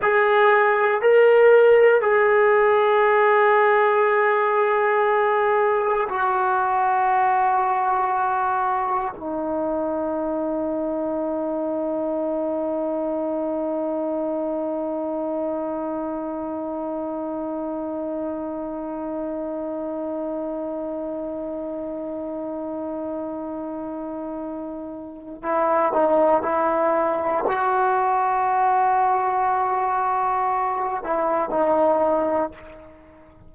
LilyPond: \new Staff \with { instrumentName = "trombone" } { \time 4/4 \tempo 4 = 59 gis'4 ais'4 gis'2~ | gis'2 fis'2~ | fis'4 dis'2.~ | dis'1~ |
dis'1~ | dis'1~ | dis'4 e'8 dis'8 e'4 fis'4~ | fis'2~ fis'8 e'8 dis'4 | }